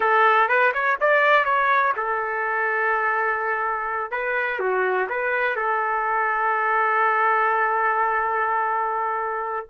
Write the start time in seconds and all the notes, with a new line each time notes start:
0.00 A4
0.48 B4
0.73 C#5
1.00 D5
1.44 C#5
1.96 A4
4.11 B4
4.59 F#4
5.09 B4
5.56 A4